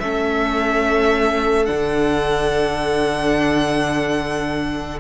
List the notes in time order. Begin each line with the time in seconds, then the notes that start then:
0.00 A3 C#4 A4 E5
1.66 D3 D4 F#5